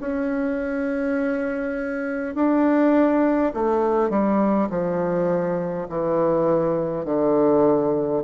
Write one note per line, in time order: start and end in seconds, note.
0.00 2.35 C#4
2.35 3.52 D4
3.53 4.10 A3
4.10 4.68 G3
4.70 5.87 F3
5.89 7.05 E3
7.05 8.22 D3